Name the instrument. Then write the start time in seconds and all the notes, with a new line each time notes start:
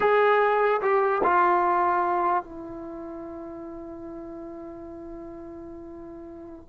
trombone
0.00 G#4
0.81 G4
1.23 F4
2.43 E4